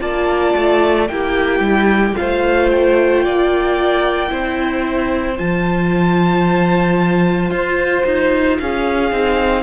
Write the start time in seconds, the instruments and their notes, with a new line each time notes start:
0.00 cello A#3, viola F4, violin D5 A5
0.56 cello A3
1.08 cello A#3, viola E4, violin G4 G5
1.60 cello G3
2.15 viola F4, violin C5 F5
2.21 cello A3
2.71 violin G5
3.24 cello A#3, violin D5
4.28 cello C4, viola E4, violin C5
5.37 cello F3, viola F4, violin A5
7.50 cello F4, violin C5
8.05 cello D#4
8.59 cello C#4, violin G#4 F5
9.11 cello C4, viola D#4